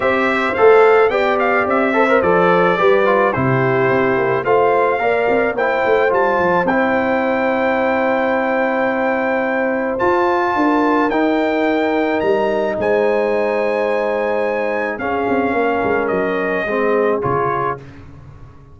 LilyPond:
<<
  \new Staff \with { instrumentName = "trumpet" } { \time 4/4 \tempo 4 = 108 e''4 f''4 g''8 f''8 e''4 | d''2 c''2 | f''2 g''4 a''4 | g''1~ |
g''2 a''2 | g''2 ais''4 gis''4~ | gis''2. f''4~ | f''4 dis''2 cis''4 | }
  \new Staff \with { instrumentName = "horn" } { \time 4/4 c''2 d''4. c''8~ | c''4 b'4 g'2 | c''4 d''4 c''2~ | c''1~ |
c''2. ais'4~ | ais'2. c''4~ | c''2. gis'4 | ais'2 gis'2 | }
  \new Staff \with { instrumentName = "trombone" } { \time 4/4 g'4 a'4 g'4. a'16 ais'16 | a'4 g'8 f'8 e'2 | f'4 ais'4 e'4 f'4 | e'1~ |
e'2 f'2 | dis'1~ | dis'2. cis'4~ | cis'2 c'4 f'4 | }
  \new Staff \with { instrumentName = "tuba" } { \time 4/4 c'4 a4 b4 c'4 | f4 g4 c4 c'8 ais8 | a4 ais8 c'8 ais8 a8 g8 f8 | c'1~ |
c'2 f'4 d'4 | dis'2 g4 gis4~ | gis2. cis'8 c'8 | ais8 gis8 fis4 gis4 cis4 | }
>>